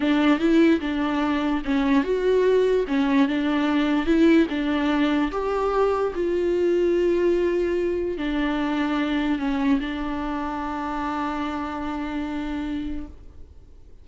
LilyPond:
\new Staff \with { instrumentName = "viola" } { \time 4/4 \tempo 4 = 147 d'4 e'4 d'2 | cis'4 fis'2 cis'4 | d'2 e'4 d'4~ | d'4 g'2 f'4~ |
f'1 | d'2. cis'4 | d'1~ | d'1 | }